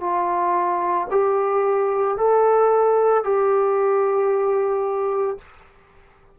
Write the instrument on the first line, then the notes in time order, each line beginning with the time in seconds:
trombone
0.00 F4
1.11 G4
2.17 A4
3.23 G4